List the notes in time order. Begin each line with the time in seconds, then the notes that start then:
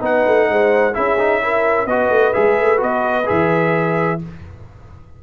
0.00 B3 D#4 B4 F#5
0.27 A3
0.49 G#3 C5
0.94 C#4 E4 G#4 E5
1.18 D#4
1.41 E4 A#4
1.86 B3 F#4 B4 D#5
2.09 A3
2.33 G#3 G#4 E5
2.59 A3
2.77 B3 F#4 D#5
3.26 E3 G#4 E5